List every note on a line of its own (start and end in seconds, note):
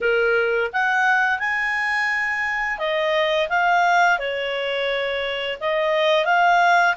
0.00 0.70 A#4
0.72 1.39 F#5
1.39 2.78 G#5
2.78 3.48 D#5
3.49 4.18 F5
4.18 5.58 C#5
5.60 6.25 D#5
6.25 6.95 F5